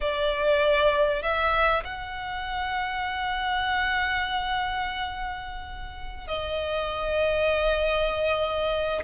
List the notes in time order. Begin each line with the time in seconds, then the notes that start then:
0.00 D5
1.22 E5
1.84 F#5
6.27 D#5